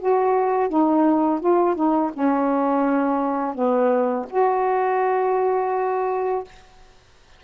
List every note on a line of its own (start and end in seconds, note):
0.00 0.69 F#4
0.69 1.41 D#4
1.41 1.76 F4
1.76 2.11 D#4
2.14 3.55 C#4
3.55 4.26 B3
4.30 6.44 F#4